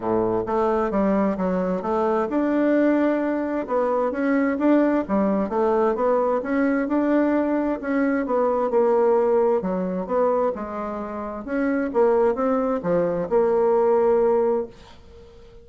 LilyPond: \new Staff \with { instrumentName = "bassoon" } { \time 4/4 \tempo 4 = 131 a,4 a4 g4 fis4 | a4 d'2. | b4 cis'4 d'4 g4 | a4 b4 cis'4 d'4~ |
d'4 cis'4 b4 ais4~ | ais4 fis4 b4 gis4~ | gis4 cis'4 ais4 c'4 | f4 ais2. | }